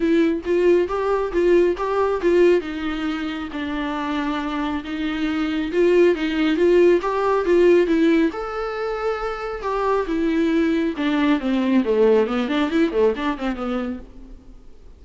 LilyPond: \new Staff \with { instrumentName = "viola" } { \time 4/4 \tempo 4 = 137 e'4 f'4 g'4 f'4 | g'4 f'4 dis'2 | d'2. dis'4~ | dis'4 f'4 dis'4 f'4 |
g'4 f'4 e'4 a'4~ | a'2 g'4 e'4~ | e'4 d'4 c'4 a4 | b8 d'8 e'8 a8 d'8 c'8 b4 | }